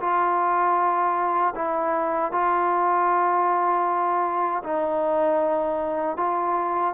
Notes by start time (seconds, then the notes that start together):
0.00 F4
1.55 E4
2.32 F4
4.63 D#4
6.16 F4